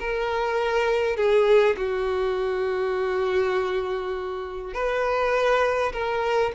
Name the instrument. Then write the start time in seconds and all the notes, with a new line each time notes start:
violin
0.00 A#4
1.17 G#4
1.77 F#4
4.74 B4
5.93 A#4